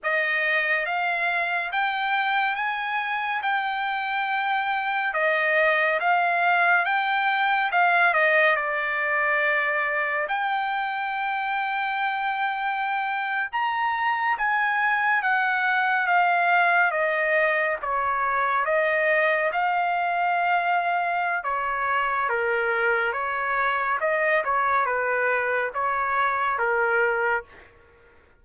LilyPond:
\new Staff \with { instrumentName = "trumpet" } { \time 4/4 \tempo 4 = 70 dis''4 f''4 g''4 gis''4 | g''2 dis''4 f''4 | g''4 f''8 dis''8 d''2 | g''2.~ g''8. ais''16~ |
ais''8. gis''4 fis''4 f''4 dis''16~ | dis''8. cis''4 dis''4 f''4~ f''16~ | f''4 cis''4 ais'4 cis''4 | dis''8 cis''8 b'4 cis''4 ais'4 | }